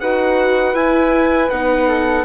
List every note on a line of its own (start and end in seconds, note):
0.00 0.74 D#4
0.00 0.75 F#4
0.00 1.88 B4
0.00 0.75 F#5
0.74 1.49 E4
0.74 1.50 E4
0.74 1.50 G#5
1.50 2.25 B3
1.50 2.25 D#4
1.50 2.25 F#5
1.88 2.25 A4